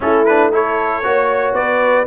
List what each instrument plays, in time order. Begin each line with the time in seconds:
0.00 tuba A3, trombone C#4, horn E4, trumpet A4
0.25 trombone D4, trumpet B4
0.52 trombone E4, horn A4, trumpet C#5
1.03 tuba A#3, trombone F#4, horn C#5
1.52 tuba B3, horn B4, trumpet D5